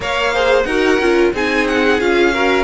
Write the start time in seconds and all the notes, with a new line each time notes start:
0.00 A#3 A#4 C#5 F5
0.33 G#4 C5
0.62 D#4 F#4 A#4 F#5
0.99 C#4 F4
1.33 C4 D#4 G#4 G#5
1.67 F#5
2.00 C#4 F4 F5
2.33 F#4 A#4